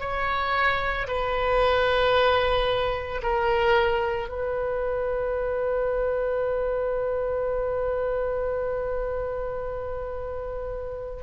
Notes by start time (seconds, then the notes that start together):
0.00 C#5
1.07 B4
3.22 A#4
4.29 B4